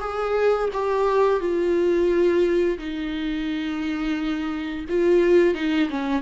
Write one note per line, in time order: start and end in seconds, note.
0.00 0.69 G#4
0.73 1.39 G4
1.39 2.77 F4
2.78 4.85 D#4
4.89 5.55 F4
5.55 5.89 D#4
5.89 6.22 C#4